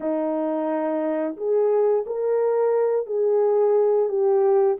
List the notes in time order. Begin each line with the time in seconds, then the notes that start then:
0.00 D#4
1.36 G#4
2.06 A#4
3.06 G#4
4.08 G4